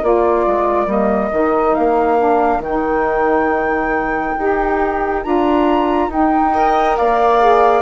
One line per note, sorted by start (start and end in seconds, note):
0.00 0.46 A#3
0.00 0.85 F4
0.00 6.52 A#4
0.00 0.91 D5
0.46 0.86 G#3
0.85 1.30 G3
0.85 1.29 A#3
0.85 1.74 D#5
1.31 1.76 D#3
1.31 2.18 D#4
1.74 2.59 A#3
1.74 2.61 F5
2.18 2.61 D4
2.59 4.33 D#3
2.59 4.37 D#4
2.59 5.23 G5
4.37 5.25 D#4
4.37 5.22 G4
5.22 6.08 D4
5.22 6.09 F4
5.22 6.10 A#5
6.08 6.95 D#4
6.08 6.53 D#4
6.08 6.97 G5
6.53 7.39 A#4
6.53 6.97 D#5
6.97 7.82 A#3
6.97 7.82 D5
6.97 7.82 F5
7.39 7.82 G#4